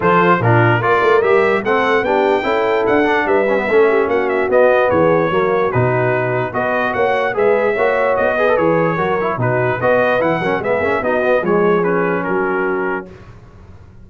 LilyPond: <<
  \new Staff \with { instrumentName = "trumpet" } { \time 4/4 \tempo 4 = 147 c''4 ais'4 d''4 e''4 | fis''4 g''2 fis''4 | e''2 fis''8 e''8 dis''4 | cis''2 b'2 |
dis''4 fis''4 e''2 | dis''4 cis''2 b'4 | dis''4 fis''4 e''4 dis''4 | cis''4 b'4 ais'2 | }
  \new Staff \with { instrumentName = "horn" } { \time 4/4 a'4 f'4 ais'2 | a'4 g'4 a'2 | b'4 a'8 g'8 fis'2 | gis'4 fis'2. |
b'4 cis''4 b'4 cis''4~ | cis''8 b'4. ais'4 fis'4 | b'4. ais'8 gis'4 fis'4 | gis'2 fis'2 | }
  \new Staff \with { instrumentName = "trombone" } { \time 4/4 f'4 d'4 f'4 g'4 | c'4 d'4 e'4. d'8~ | d'8 cis'16 b16 cis'2 b4~ | b4 ais4 dis'2 |
fis'2 gis'4 fis'4~ | fis'8 gis'16 a'16 gis'4 fis'8 e'8 dis'4 | fis'4 e'8 cis'8 b8 cis'8 dis'8 b8 | gis4 cis'2. | }
  \new Staff \with { instrumentName = "tuba" } { \time 4/4 f4 ais,4 ais8 a8 g4 | a4 b4 cis'4 d'4 | g4 a4 ais4 b4 | e4 fis4 b,2 |
b4 ais4 gis4 ais4 | b4 e4 fis4 b,4 | b4 e8 fis8 gis8 ais8 b4 | f2 fis2 | }
>>